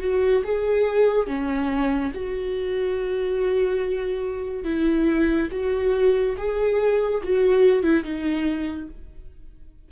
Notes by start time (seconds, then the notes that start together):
0.00 F#4
0.44 G#4
1.27 C#4
2.14 F#4
4.64 E4
5.52 F#4
6.37 G#4
7.23 F#4
7.83 E4
8.04 D#4